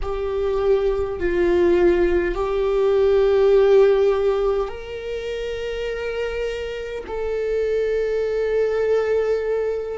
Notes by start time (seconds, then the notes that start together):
0.02 G4
1.19 F4
2.35 G4
4.68 A#4
7.06 A4